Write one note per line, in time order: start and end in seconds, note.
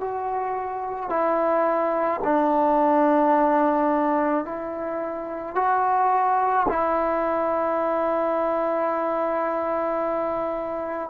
0.00 1.10 F#4
1.10 2.21 E4
2.24 4.45 D4
4.45 5.56 E4
5.56 6.67 F#4
6.69 11.10 E4